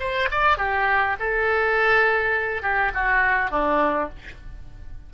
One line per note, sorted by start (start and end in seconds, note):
0.00 0.29 C5
0.31 0.58 D5
0.58 1.17 G4
1.20 2.62 A4
2.62 2.92 G4
2.94 3.51 F#4
3.51 4.10 D4